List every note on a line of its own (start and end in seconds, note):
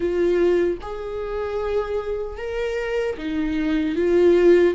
0.00 0.77 F4
0.81 2.37 G#4
2.37 3.16 A#4
3.17 3.95 D#4
3.95 4.74 F4